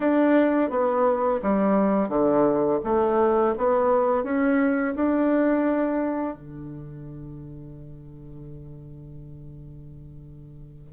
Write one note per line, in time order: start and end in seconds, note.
0.00 0.70 D4
0.70 1.40 B3
1.42 2.08 G3
2.08 2.79 D3
2.84 3.54 A3
3.57 4.24 B3
4.24 4.94 C#4
4.95 6.35 D4
6.35 10.92 D3